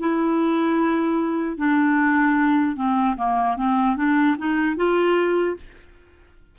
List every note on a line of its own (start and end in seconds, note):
0.00 1.57 E4
1.57 2.76 D4
2.76 3.16 C4
3.17 3.57 A#3
3.57 3.97 C4
3.97 4.37 D4
4.38 4.77 D#4
4.77 5.57 F4